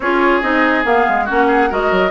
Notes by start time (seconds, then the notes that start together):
0.00 C#4 F4 G#4 C#5
0.41 C4 D#4 D#5
0.83 A#3 B3 F5
1.09 G#3
1.24 A#3 C#4 F#4 F#5
1.48 G#4
1.69 G#3 F#4 A#4 D#5
1.91 F#3